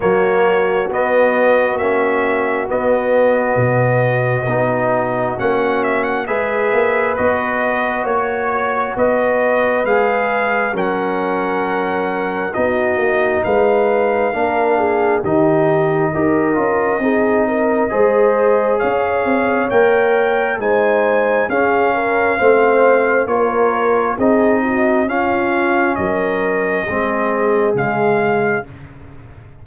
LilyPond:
<<
  \new Staff \with { instrumentName = "trumpet" } { \time 4/4 \tempo 4 = 67 cis''4 dis''4 e''4 dis''4~ | dis''2 fis''8 e''16 fis''16 e''4 | dis''4 cis''4 dis''4 f''4 | fis''2 dis''4 f''4~ |
f''4 dis''2.~ | dis''4 f''4 g''4 gis''4 | f''2 cis''4 dis''4 | f''4 dis''2 f''4 | }
  \new Staff \with { instrumentName = "horn" } { \time 4/4 fis'1~ | fis'2. b'4~ | b'4 cis''4 b'2 | ais'2 fis'4 b'4 |
ais'8 gis'8 g'4 ais'4 gis'8 ais'8 | c''4 cis''2 c''4 | gis'8 ais'8 c''4 ais'4 gis'8 fis'8 | f'4 ais'4 gis'2 | }
  \new Staff \with { instrumentName = "trombone" } { \time 4/4 ais4 b4 cis'4 b4~ | b4 dis'4 cis'4 gis'4 | fis'2. gis'4 | cis'2 dis'2 |
d'4 dis'4 g'8 f'8 dis'4 | gis'2 ais'4 dis'4 | cis'4 c'4 f'4 dis'4 | cis'2 c'4 gis4 | }
  \new Staff \with { instrumentName = "tuba" } { \time 4/4 fis4 b4 ais4 b4 | b,4 b4 ais4 gis8 ais8 | b4 ais4 b4 gis4 | fis2 b8 ais8 gis4 |
ais4 dis4 dis'8 cis'8 c'4 | gis4 cis'8 c'8 ais4 gis4 | cis'4 a4 ais4 c'4 | cis'4 fis4 gis4 cis4 | }
>>